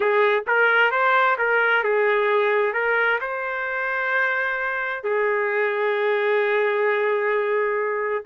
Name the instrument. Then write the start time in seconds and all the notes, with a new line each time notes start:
trumpet
0.00 G#4
0.46 A#4
0.91 C5
1.38 A#4
1.83 G#4
2.73 A#4
3.20 C5
5.03 G#4